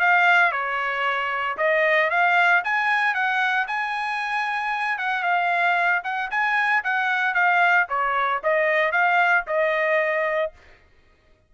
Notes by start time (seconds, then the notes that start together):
0.00 F5
0.52 C#5
1.58 D#5
2.11 F5
2.64 G#5
3.14 F#5
3.68 G#5
4.99 F#5
5.23 F5
6.04 F#5
6.31 G#5
6.84 F#5
7.34 F5
7.89 C#5
8.44 D#5
8.92 F5
9.47 D#5